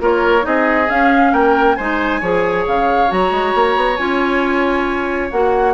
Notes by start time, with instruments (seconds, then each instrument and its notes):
0.00 bassoon A#3, clarinet F4, oboe A#4, flute C#5
0.41 bassoon C4, clarinet D#4, oboe G#4, flute D#5
0.89 bassoon C#4, clarinet C#4, flute F5
1.32 bassoon A#3, oboe A#4, flute G5
1.76 bassoon G#3, clarinet D#4, oboe C5, flute G#5
2.20 bassoon F3, clarinet G#4, oboe C#5
2.67 bassoon C#3, flute F5
3.07 bassoon F#3, clarinet F#4, flute A#5
3.31 bassoon G#3
3.55 bassoon A#3
3.76 bassoon B3
3.96 bassoon C#4, clarinet F4, flute G#5
5.31 bassoon A#3, clarinet F#4, flute F#5